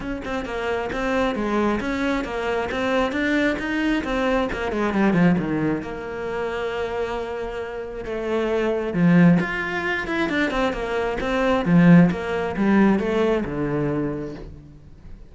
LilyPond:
\new Staff \with { instrumentName = "cello" } { \time 4/4 \tempo 4 = 134 cis'8 c'8 ais4 c'4 gis4 | cis'4 ais4 c'4 d'4 | dis'4 c'4 ais8 gis8 g8 f8 | dis4 ais2.~ |
ais2 a2 | f4 f'4. e'8 d'8 c'8 | ais4 c'4 f4 ais4 | g4 a4 d2 | }